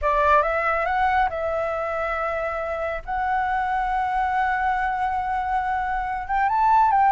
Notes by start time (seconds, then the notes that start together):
0.01 D5
0.42 E5
0.85 F#5
1.29 E5
3.05 F#5
6.27 G5
6.48 A5
6.91 G5